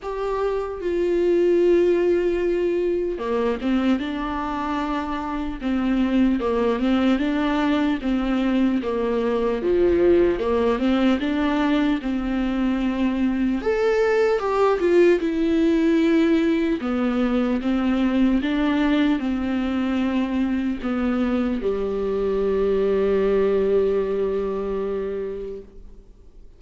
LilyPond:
\new Staff \with { instrumentName = "viola" } { \time 4/4 \tempo 4 = 75 g'4 f'2. | ais8 c'8 d'2 c'4 | ais8 c'8 d'4 c'4 ais4 | f4 ais8 c'8 d'4 c'4~ |
c'4 a'4 g'8 f'8 e'4~ | e'4 b4 c'4 d'4 | c'2 b4 g4~ | g1 | }